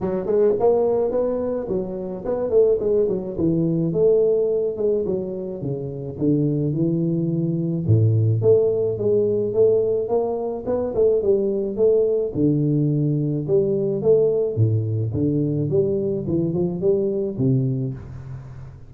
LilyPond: \new Staff \with { instrumentName = "tuba" } { \time 4/4 \tempo 4 = 107 fis8 gis8 ais4 b4 fis4 | b8 a8 gis8 fis8 e4 a4~ | a8 gis8 fis4 cis4 d4 | e2 a,4 a4 |
gis4 a4 ais4 b8 a8 | g4 a4 d2 | g4 a4 a,4 d4 | g4 e8 f8 g4 c4 | }